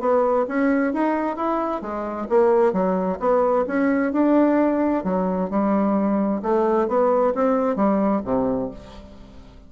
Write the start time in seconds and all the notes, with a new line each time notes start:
0.00 B3
0.48 C#4
0.93 D#4
1.36 E4
1.82 G#3
2.29 A#3
2.73 F#3
3.20 B3
3.67 C#4
4.13 D4
5.04 F#3
5.50 G3
6.42 A3
6.88 B3
7.35 C4
7.76 G3
8.25 C3